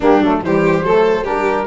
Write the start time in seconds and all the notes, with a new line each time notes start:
0.00 G3 A#3 D4 G4
0.20 F#3 A3 A4
0.42 E3 G3 G4 C5
0.83 F#3 A3 A4
1.23 G3 D4 G4 A#4